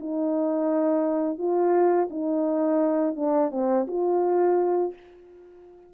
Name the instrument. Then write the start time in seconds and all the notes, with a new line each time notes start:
horn
0.00 D#4
1.38 F4
2.10 D#4
3.16 D4
3.51 C4
3.88 F4